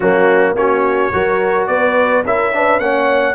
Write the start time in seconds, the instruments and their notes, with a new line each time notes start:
0.00 tuba F#3, trombone A#3, horn C#4, trumpet F#4
0.54 tuba A#3, trombone C#4, horn F#4, trumpet C#5
1.12 tuba F#3, trombone F#4, horn A#4
1.66 tuba B3, horn B4, trumpet D5
2.24 tuba C#4, trombone E4, horn A#4, trumpet E5
2.52 trombone D4, horn B4
2.79 tuba A#3, trombone C#4, horn C#5, trumpet F#5